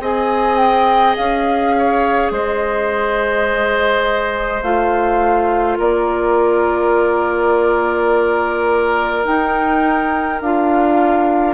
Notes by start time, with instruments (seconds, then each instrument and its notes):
0.00 bassoon C4, clarinet G#4, oboe D#5, flute G#5
0.57 flute G5
1.16 bassoon C#4, flute F5
1.78 oboe C#5
2.31 bassoon G#3, oboe C5, flute D#5
4.62 bassoon A3, clarinet F4, flute F5
5.78 bassoon A#3, oboe A#4, flute D5
9.25 clarinet D#4, bassoon D#4, flute G5
10.41 bassoon D4, clarinet F4, flute F5